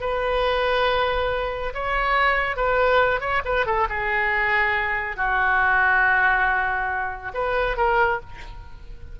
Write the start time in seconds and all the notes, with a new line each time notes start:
0.00 B4
1.74 C#5
2.56 B4
3.20 C#5
3.45 B4
3.66 A4
3.89 G#4
5.16 F#4
7.34 B4
7.77 A#4